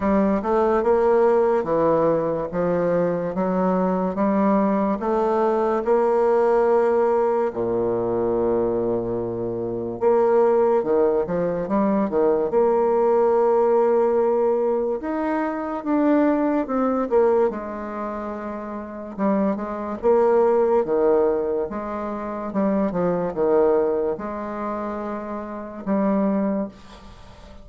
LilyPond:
\new Staff \with { instrumentName = "bassoon" } { \time 4/4 \tempo 4 = 72 g8 a8 ais4 e4 f4 | fis4 g4 a4 ais4~ | ais4 ais,2. | ais4 dis8 f8 g8 dis8 ais4~ |
ais2 dis'4 d'4 | c'8 ais8 gis2 g8 gis8 | ais4 dis4 gis4 g8 f8 | dis4 gis2 g4 | }